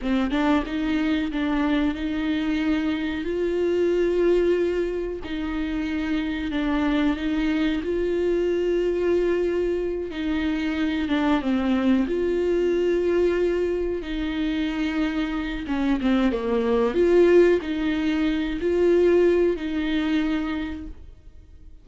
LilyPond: \new Staff \with { instrumentName = "viola" } { \time 4/4 \tempo 4 = 92 c'8 d'8 dis'4 d'4 dis'4~ | dis'4 f'2. | dis'2 d'4 dis'4 | f'2.~ f'8 dis'8~ |
dis'4 d'8 c'4 f'4.~ | f'4. dis'2~ dis'8 | cis'8 c'8 ais4 f'4 dis'4~ | dis'8 f'4. dis'2 | }